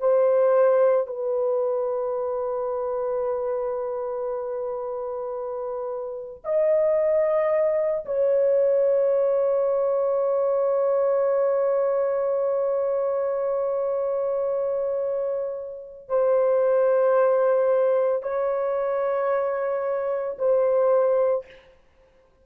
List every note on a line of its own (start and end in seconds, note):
0.00 1.07 C5
1.07 6.42 B4
6.44 8.05 D#5
8.06 16.09 C#5
16.09 18.22 C5
18.22 20.37 C#5
20.39 21.46 C5